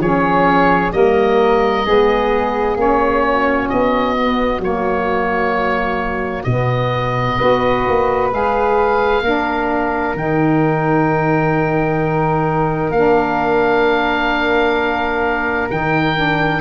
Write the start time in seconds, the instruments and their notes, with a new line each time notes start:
0.00 tuba F3, saxophone C#4, flute G#4, oboe C#5
0.92 tuba G3, saxophone A#3, flute A#4, oboe D#5
1.86 tuba G#3, saxophone B3, flute G#4
2.77 tuba A#3, saxophone C#4, oboe C#5
3.25 flute F#4
3.69 tuba B3, oboe D#5
4.17 saxophone B3
4.59 tuba F#3, saxophone A#3, oboe C#5
6.44 tuba B2, saxophone B3, oboe D#5
7.38 tuba B3, saxophone F#4, flute B4
7.88 tuba A#3
8.31 tuba G#3, saxophone G#4, oboe F5
9.23 tuba A#3, saxophone D4, flute A#4
10.15 tuba D#3, saxophone D#4, oboe G5
12.91 tuba A#3, saxophone D4, oboe F5
15.71 tuba D#3, saxophone D#4, oboe G5
16.16 saxophone D4